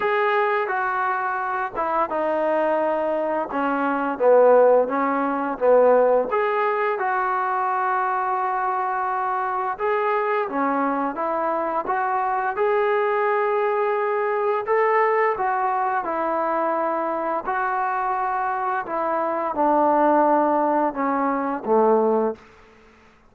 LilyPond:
\new Staff \with { instrumentName = "trombone" } { \time 4/4 \tempo 4 = 86 gis'4 fis'4. e'8 dis'4~ | dis'4 cis'4 b4 cis'4 | b4 gis'4 fis'2~ | fis'2 gis'4 cis'4 |
e'4 fis'4 gis'2~ | gis'4 a'4 fis'4 e'4~ | e'4 fis'2 e'4 | d'2 cis'4 a4 | }